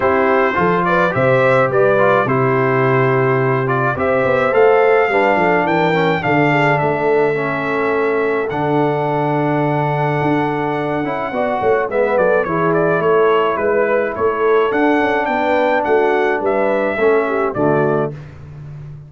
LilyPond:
<<
  \new Staff \with { instrumentName = "trumpet" } { \time 4/4 \tempo 4 = 106 c''4. d''8 e''4 d''4 | c''2~ c''8 d''8 e''4 | f''2 g''4 f''4 | e''2. fis''4~ |
fis''1~ | fis''4 e''8 d''8 cis''8 d''8 cis''4 | b'4 cis''4 fis''4 g''4 | fis''4 e''2 d''4 | }
  \new Staff \with { instrumentName = "horn" } { \time 4/4 g'4 a'8 b'8 c''4 b'4 | g'2. c''4~ | c''4 b'8 a'8 ais'4 a'8 gis'8 | a'1~ |
a'1 | d''8 cis''8 b'8 a'8 gis'4 a'4 | b'4 a'2 b'4 | fis'4 b'4 a'8 g'8 fis'4 | }
  \new Staff \with { instrumentName = "trombone" } { \time 4/4 e'4 f'4 g'4. f'8 | e'2~ e'8 f'8 g'4 | a'4 d'4. cis'8 d'4~ | d'4 cis'2 d'4~ |
d'2.~ d'8 e'8 | fis'4 b4 e'2~ | e'2 d'2~ | d'2 cis'4 a4 | }
  \new Staff \with { instrumentName = "tuba" } { \time 4/4 c'4 f4 c4 g4 | c2. c'8 b8 | a4 g8 f8 e4 d4 | a2. d4~ |
d2 d'4. cis'8 | b8 a8 gis8 fis8 e4 a4 | gis4 a4 d'8 cis'8 b4 | a4 g4 a4 d4 | }
>>